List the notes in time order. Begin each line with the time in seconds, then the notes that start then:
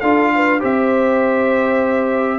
0.00 D4 F4 A4 F5
0.35 B4
0.59 C4 G4 C5 E5